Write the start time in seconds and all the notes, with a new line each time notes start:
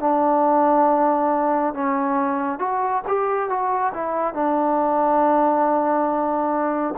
0.00 D4
1.74 C#4
2.59 F#4
3.08 G4
3.49 F#4
3.94 E4
4.34 D4